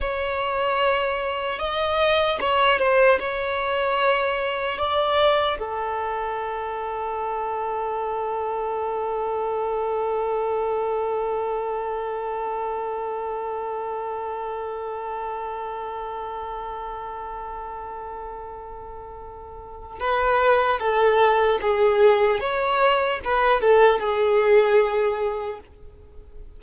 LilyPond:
\new Staff \with { instrumentName = "violin" } { \time 4/4 \tempo 4 = 75 cis''2 dis''4 cis''8 c''8 | cis''2 d''4 a'4~ | a'1~ | a'1~ |
a'1~ | a'1~ | a'4 b'4 a'4 gis'4 | cis''4 b'8 a'8 gis'2 | }